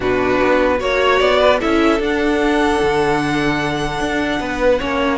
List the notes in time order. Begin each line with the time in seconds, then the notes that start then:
0.00 B2 D4 F#4 B4
0.42 B3
0.78 A#3 F#4 C#5
1.19 B3 D5
1.39 B4
1.60 C#4 E4 A4 E5
1.99 D4 F#5
2.81 D3
3.99 D4
4.39 B3 B4
4.79 A#3 C#4 C#5